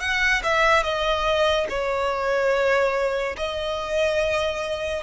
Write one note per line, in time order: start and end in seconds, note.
0.00 0.42 F#5
0.43 0.83 E5
0.83 1.66 D#5
1.69 3.36 C#5
3.36 5.02 D#5